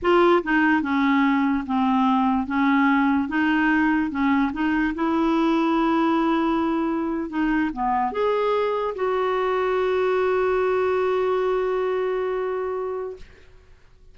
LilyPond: \new Staff \with { instrumentName = "clarinet" } { \time 4/4 \tempo 4 = 146 f'4 dis'4 cis'2 | c'2 cis'2 | dis'2 cis'4 dis'4 | e'1~ |
e'4.~ e'16 dis'4 b4 gis'16~ | gis'4.~ gis'16 fis'2~ fis'16~ | fis'1~ | fis'1 | }